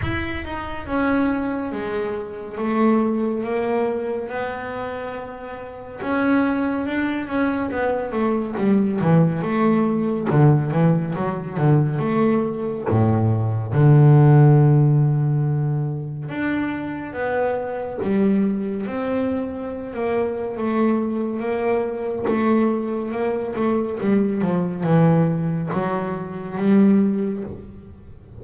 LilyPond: \new Staff \with { instrumentName = "double bass" } { \time 4/4 \tempo 4 = 70 e'8 dis'8 cis'4 gis4 a4 | ais4 b2 cis'4 | d'8 cis'8 b8 a8 g8 e8 a4 | d8 e8 fis8 d8 a4 a,4 |
d2. d'4 | b4 g4 c'4~ c'16 ais8. | a4 ais4 a4 ais8 a8 | g8 f8 e4 fis4 g4 | }